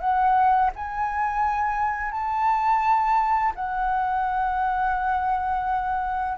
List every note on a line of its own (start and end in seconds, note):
0.00 0.71 F#5
0.76 2.12 G#5
2.12 3.53 A5
3.55 6.38 F#5